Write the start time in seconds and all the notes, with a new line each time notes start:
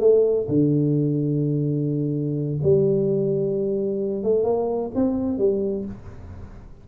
0.00 A3
0.48 D3
2.63 G3
4.23 A3
4.44 A#3
4.95 C4
5.38 G3